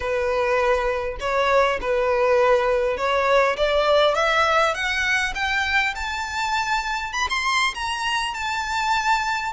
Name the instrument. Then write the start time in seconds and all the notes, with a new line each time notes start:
violin
0.00 B4
1.20 C#5
1.81 B4
2.97 C#5
3.56 D5
4.14 E5
4.74 F#5
5.34 G5
5.95 A5
7.13 B5
7.29 C6
7.74 A#5
8.34 A5